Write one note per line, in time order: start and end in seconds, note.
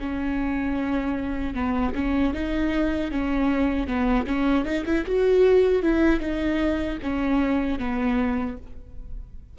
0.00 1.55 C#4
1.55 1.94 B3
1.95 2.34 C#4
2.34 3.11 D#4
3.11 3.87 C#4
3.87 4.26 B3
4.27 4.65 C#4
4.65 4.85 D#4
4.86 5.05 E4
5.06 5.83 F#4
5.83 6.21 E4
6.21 6.98 D#4
7.02 7.79 C#4
7.79 8.57 B3